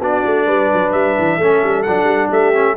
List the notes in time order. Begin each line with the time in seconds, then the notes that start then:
0.00 B3 D4 F#4 D5
0.25 A3
0.45 G3 B4
0.73 F#3
0.91 G3 E5
1.18 E3
1.36 A3 C#4 A4
1.63 G3
1.82 F#3 D4 F#5
2.04 G3
2.29 A3 G4 E5
2.53 C#4